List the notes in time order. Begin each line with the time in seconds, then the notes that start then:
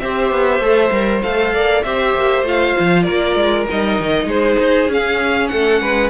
0.00 C4 G4 C5 E5
0.32 B3
0.60 A3 A4
0.92 G3 A#4
1.23 A3 A4 F5
1.54 A#3 D5
1.83 C4 G4 C5 E5
2.15 A#3
2.43 A3 F4 F5
2.80 F3
3.03 A#3 A#4 D5
3.36 G#3
3.68 G3 D#4 D#5
4.00 D#3
4.26 G#3 G#4 C5
4.60 D#4
4.89 C#4 F5
5.49 A3 A4 F#5
5.81 G#3 B4